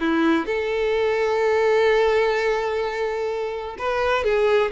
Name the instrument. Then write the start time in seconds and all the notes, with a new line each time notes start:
violin
0.00 E4
0.46 A4
3.78 B4
4.24 G#4